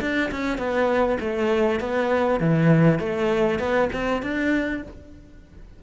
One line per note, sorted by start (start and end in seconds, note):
0.00 0.30 D4
0.31 0.58 C#4
0.58 1.18 B3
1.20 1.80 A3
1.80 2.40 B3
2.40 2.99 E3
2.99 3.59 A3
3.59 3.89 B3
3.92 4.22 C4
4.22 4.82 D4